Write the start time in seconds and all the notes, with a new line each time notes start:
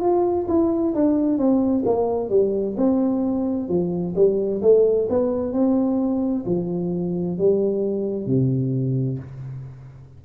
0.00 F4
0.48 E4
0.95 D4
1.38 C4
1.85 A#3
2.30 G3
2.77 C4
3.68 F3
4.15 G3
4.62 A3
5.09 B3
5.52 C4
6.46 F3
7.38 G3
8.26 C3